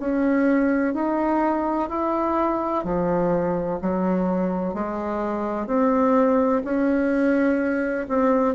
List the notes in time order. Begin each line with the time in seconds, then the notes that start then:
0.00 C#4
0.94 D#4
1.89 E4
2.84 F3
3.82 F#3
4.74 G#3
5.67 C4
6.65 C#4
8.09 C4